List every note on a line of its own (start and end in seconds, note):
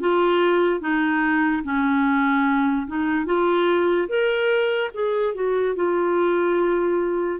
0.00 0.81 F4
0.81 1.63 D#4
1.64 2.87 C#4
2.87 3.26 D#4
3.26 4.08 F4
4.08 4.91 A#4
4.94 5.34 G#4
5.34 5.75 F#4
5.76 7.40 F4